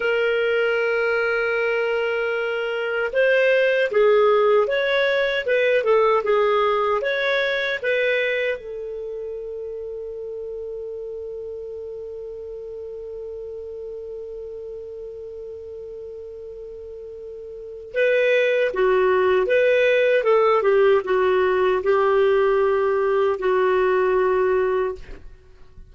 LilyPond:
\new Staff \with { instrumentName = "clarinet" } { \time 4/4 \tempo 4 = 77 ais'1 | c''4 gis'4 cis''4 b'8 a'8 | gis'4 cis''4 b'4 a'4~ | a'1~ |
a'1~ | a'2. b'4 | fis'4 b'4 a'8 g'8 fis'4 | g'2 fis'2 | }